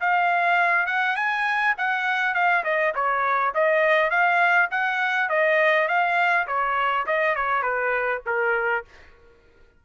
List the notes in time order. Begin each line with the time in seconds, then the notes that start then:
0.00 F5
0.86 F#5
1.16 G#5
1.77 F#5
2.34 F5
2.64 D#5
2.94 C#5
3.54 D#5
4.10 F5
4.71 F#5
5.29 D#5
5.87 F5
6.47 C#5
7.06 D#5
7.35 C#5
7.62 B4
8.26 A#4